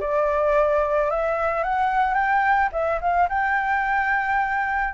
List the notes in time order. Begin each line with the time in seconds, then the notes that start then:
0.00 D5
1.10 E5
1.63 F#5
2.14 G5
2.72 E5
3.01 F5
3.29 G5